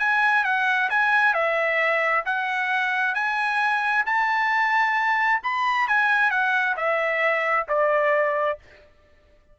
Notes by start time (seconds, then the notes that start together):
0.00 G#5
0.45 F#5
0.90 G#5
1.35 E5
2.26 F#5
3.15 G#5
4.06 A5
5.43 B5
5.89 G#5
6.31 F#5
6.77 E5
7.69 D5